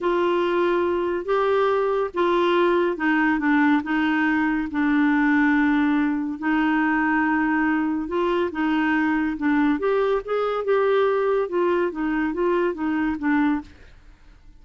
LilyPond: \new Staff \with { instrumentName = "clarinet" } { \time 4/4 \tempo 4 = 141 f'2. g'4~ | g'4 f'2 dis'4 | d'4 dis'2 d'4~ | d'2. dis'4~ |
dis'2. f'4 | dis'2 d'4 g'4 | gis'4 g'2 f'4 | dis'4 f'4 dis'4 d'4 | }